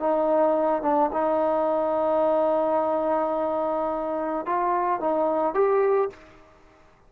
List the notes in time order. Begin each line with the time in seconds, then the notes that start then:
0.00 D#4
0.83 D4
1.13 D#4
4.46 F4
5.00 D#4
5.54 G4